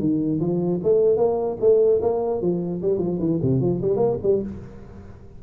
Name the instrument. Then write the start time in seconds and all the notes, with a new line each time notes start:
tuba
0.00 D#3
0.40 F3
0.83 A3
1.17 A#3
1.61 A3
2.02 A#3
2.41 F3
2.82 G3
2.99 F3
3.20 E3
3.42 C3
3.61 F3
3.82 G3
3.97 A#3
4.23 G3